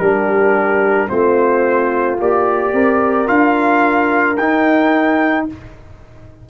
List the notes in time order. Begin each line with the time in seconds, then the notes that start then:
0.00 G3 D4 G4 A#4
1.08 A3 C4 F4 C5
2.18 A#3 G4 D5
2.73 C4 A#4
3.27 D4 F4 F5
4.37 D#4 G5